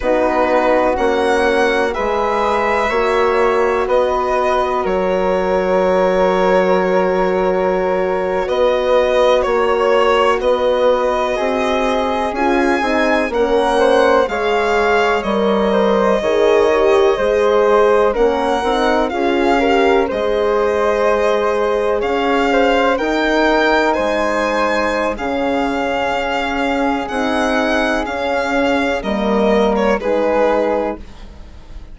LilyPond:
<<
  \new Staff \with { instrumentName = "violin" } { \time 4/4 \tempo 4 = 62 b'4 fis''4 e''2 | dis''4 cis''2.~ | cis''8. dis''4 cis''4 dis''4~ dis''16~ | dis''8. gis''4 fis''4 f''4 dis''16~ |
dis''2~ dis''8. fis''4 f''16~ | f''8. dis''2 f''4 g''16~ | g''8. gis''4~ gis''16 f''2 | fis''4 f''4 dis''8. cis''16 b'4 | }
  \new Staff \with { instrumentName = "flute" } { \time 4/4 fis'2 b'4 cis''4 | b'4 ais'2.~ | ais'8. b'4 cis''4 b'4 gis'16~ | gis'4.~ gis'16 ais'8 c''8 cis''4~ cis''16~ |
cis''16 c''8 cis''4 c''4 ais'4 gis'16~ | gis'16 ais'8 c''2 cis''8 c''8 ais'16~ | ais'8. c''4~ c''16 gis'2~ | gis'2 ais'4 gis'4 | }
  \new Staff \with { instrumentName = "horn" } { \time 4/4 dis'4 cis'4 gis'4 fis'4~ | fis'1~ | fis'1~ | fis'8. f'8 dis'8 cis'4 gis'4 ais'16~ |
ais'8. gis'8 g'8 gis'4 cis'8 dis'8 f'16~ | f'16 g'8 gis'2. dis'16~ | dis'2 cis'2 | dis'4 cis'4 ais4 dis'4 | }
  \new Staff \with { instrumentName = "bassoon" } { \time 4/4 b4 ais4 gis4 ais4 | b4 fis2.~ | fis8. b4 ais4 b4 c'16~ | c'8. cis'8 c'8 ais4 gis4 g16~ |
g8. dis4 gis4 ais8 c'8 cis'16~ | cis'8. gis2 cis'4 dis'16~ | dis'8. gis4~ gis16 cis4 cis'4 | c'4 cis'4 g4 gis4 | }
>>